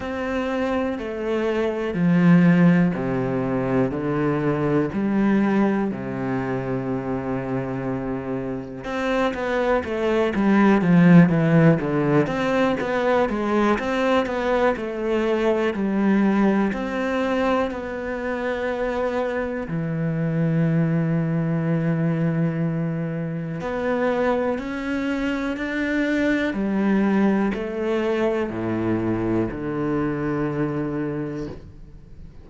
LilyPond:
\new Staff \with { instrumentName = "cello" } { \time 4/4 \tempo 4 = 61 c'4 a4 f4 c4 | d4 g4 c2~ | c4 c'8 b8 a8 g8 f8 e8 | d8 c'8 b8 gis8 c'8 b8 a4 |
g4 c'4 b2 | e1 | b4 cis'4 d'4 g4 | a4 a,4 d2 | }